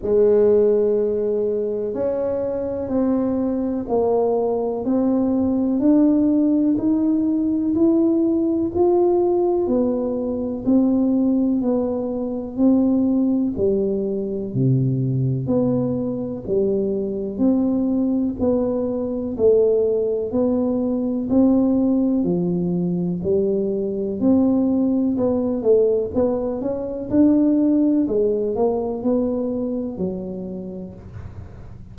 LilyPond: \new Staff \with { instrumentName = "tuba" } { \time 4/4 \tempo 4 = 62 gis2 cis'4 c'4 | ais4 c'4 d'4 dis'4 | e'4 f'4 b4 c'4 | b4 c'4 g4 c4 |
b4 g4 c'4 b4 | a4 b4 c'4 f4 | g4 c'4 b8 a8 b8 cis'8 | d'4 gis8 ais8 b4 fis4 | }